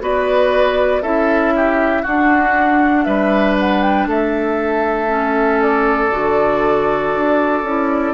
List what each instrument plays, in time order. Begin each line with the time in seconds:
0.00 bassoon B3, clarinet F#4, oboe B4, flute D5
1.02 bassoon C#4, clarinet E4, oboe A4, flute E5
1.56 oboe G4
2.02 bassoon D4, clarinet D4, oboe F#4, flute F#5
3.04 bassoon G3, oboe B4, flute E5
3.60 flute F#5
3.82 flute G5
4.07 bassoon A3, oboe A4, flute E5
5.08 clarinet C#4
5.62 flute D5
6.10 bassoon D3, clarinet F#4
7.15 bassoon D4
7.63 bassoon C#4, clarinet E4